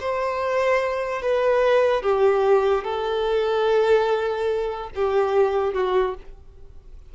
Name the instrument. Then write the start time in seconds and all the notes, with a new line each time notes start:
violin
0.00 C5
1.21 B4
2.02 G4
2.84 A4
4.95 G4
5.73 F#4